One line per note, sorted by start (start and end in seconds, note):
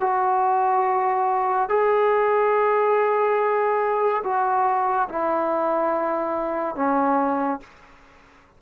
0.00 1.69 F#4
1.69 4.22 G#4
4.23 5.08 F#4
5.09 6.75 E4
6.75 7.60 C#4